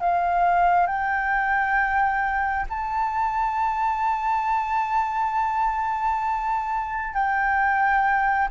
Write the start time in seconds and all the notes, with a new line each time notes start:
0.00 F5
0.87 G5
2.69 A5
7.14 G5